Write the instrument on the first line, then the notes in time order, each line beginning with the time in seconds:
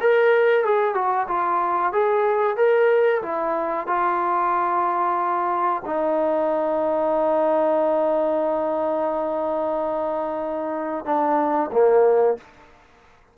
trombone
0.00 A#4
0.64 G#4
0.94 F#4
1.28 F4
1.92 G#4
2.56 A#4
3.22 E4
3.87 F4
5.85 D#4
11.05 D4
11.72 A#3